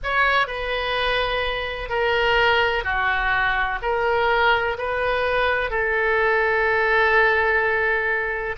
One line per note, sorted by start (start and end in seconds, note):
0.03 0.47 C#5
0.47 1.89 B4
1.89 2.84 A#4
2.84 3.79 F#4
3.82 4.77 A#4
4.77 5.70 B4
5.70 8.56 A4